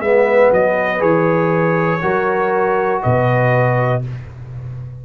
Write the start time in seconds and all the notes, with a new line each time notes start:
0.00 G#3 B3 B4 E5
0.52 F#3 D#5
0.99 E3 G#4 C#5
2.02 F#3 F#4 A#4
3.02 B2 B4 D#5